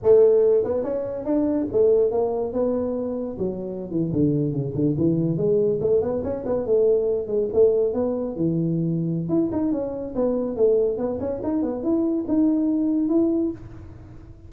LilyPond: \new Staff \with { instrumentName = "tuba" } { \time 4/4 \tempo 4 = 142 a4. b8 cis'4 d'4 | a4 ais4 b2 | fis4~ fis16 e8 d4 cis8 d8 e16~ | e8. gis4 a8 b8 cis'8 b8 a16~ |
a4~ a16 gis8 a4 b4 e16~ | e2 e'8 dis'8 cis'4 | b4 a4 b8 cis'8 dis'8 b8 | e'4 dis'2 e'4 | }